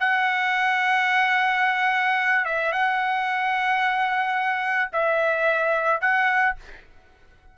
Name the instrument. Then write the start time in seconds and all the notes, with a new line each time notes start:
trumpet
0.00 F#5
2.45 E5
2.72 F#5
4.93 E5
6.01 F#5